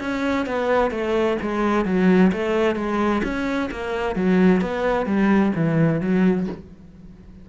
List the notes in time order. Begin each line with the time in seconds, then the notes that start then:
0.00 C#4
0.46 B3
0.91 A3
1.41 G#3
1.85 F#3
2.32 A3
2.76 G#3
3.23 C#4
3.71 A#3
4.15 F#3
4.61 B3
5.06 G3
5.55 E3
6.00 F#3